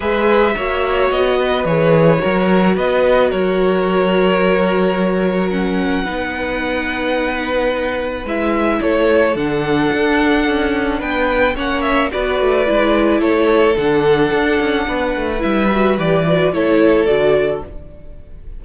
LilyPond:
<<
  \new Staff \with { instrumentName = "violin" } { \time 4/4 \tempo 4 = 109 e''2 dis''4 cis''4~ | cis''4 dis''4 cis''2~ | cis''2 fis''2~ | fis''2. e''4 |
cis''4 fis''2. | g''4 fis''8 e''8 d''2 | cis''4 fis''2. | e''4 d''4 cis''4 d''4 | }
  \new Staff \with { instrumentName = "violin" } { \time 4/4 b'4 cis''4. b'4. | ais'4 b'4 ais'2~ | ais'2. b'4~ | b'1 |
a'1 | b'4 cis''4 b'2 | a'2. b'4~ | b'2 a'2 | }
  \new Staff \with { instrumentName = "viola" } { \time 4/4 gis'4 fis'2 gis'4 | fis'1~ | fis'2 cis'4 dis'4~ | dis'2. e'4~ |
e'4 d'2.~ | d'4 cis'4 fis'4 e'4~ | e'4 d'2. | e'8 fis'8 g'8 fis'8 e'4 fis'4 | }
  \new Staff \with { instrumentName = "cello" } { \time 4/4 gis4 ais4 b4 e4 | fis4 b4 fis2~ | fis2. b4~ | b2. gis4 |
a4 d4 d'4 cis'4 | b4 ais4 b8 a8 gis4 | a4 d4 d'8 cis'8 b8 a8 | g4 e4 a4 d4 | }
>>